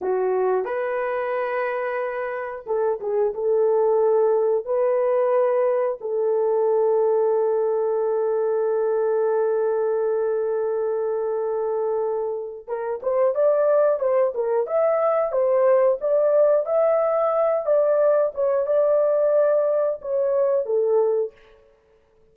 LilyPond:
\new Staff \with { instrumentName = "horn" } { \time 4/4 \tempo 4 = 90 fis'4 b'2. | a'8 gis'8 a'2 b'4~ | b'4 a'2.~ | a'1~ |
a'2. ais'8 c''8 | d''4 c''8 ais'8 e''4 c''4 | d''4 e''4. d''4 cis''8 | d''2 cis''4 a'4 | }